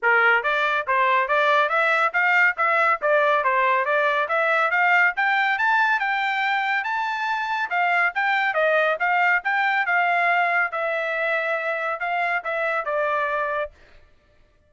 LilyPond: \new Staff \with { instrumentName = "trumpet" } { \time 4/4 \tempo 4 = 140 ais'4 d''4 c''4 d''4 | e''4 f''4 e''4 d''4 | c''4 d''4 e''4 f''4 | g''4 a''4 g''2 |
a''2 f''4 g''4 | dis''4 f''4 g''4 f''4~ | f''4 e''2. | f''4 e''4 d''2 | }